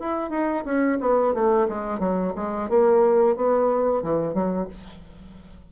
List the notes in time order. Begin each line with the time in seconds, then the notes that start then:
0.00 E4
0.30 D#4
0.65 C#4
1.01 B3
1.35 A3
1.69 G#3
2.00 F#3
2.36 G#3
2.70 A#3
3.36 B3
4.03 E3
4.34 F#3